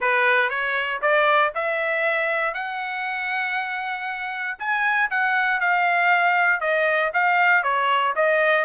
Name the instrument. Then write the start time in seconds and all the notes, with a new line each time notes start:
trumpet
0.00 B4
0.49 C#5
1.01 D5
1.54 E5
2.54 F#5
4.59 G#5
5.10 F#5
5.60 F5
6.60 D#5
7.13 F5
7.63 C#5
8.15 D#5